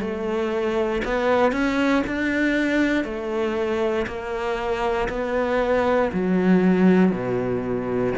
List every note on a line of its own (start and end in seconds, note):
0.00 1.02 A3
1.04 1.52 B3
1.52 2.02 C#4
2.07 3.04 D4
3.04 4.06 A3
4.07 5.08 A#3
5.09 6.11 B3
6.13 7.11 F#3
7.11 8.13 B2